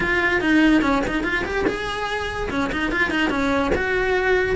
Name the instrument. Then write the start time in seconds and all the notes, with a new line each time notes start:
cello
0.00 F4
0.40 D#4
0.81 C#4
1.07 D#4
1.23 F4
1.44 G4
1.67 G#4
2.50 C#4
2.72 D#4
2.91 F4
3.10 D#4
3.30 C#4
3.74 F#4